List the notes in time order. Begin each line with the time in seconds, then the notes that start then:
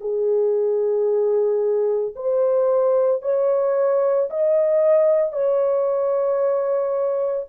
0.00 G#4
2.15 C5
3.22 C#5
4.30 D#5
5.32 C#5